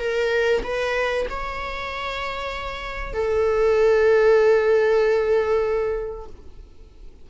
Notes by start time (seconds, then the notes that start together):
0.00 A#4
0.63 B4
1.30 C#5
3.13 A4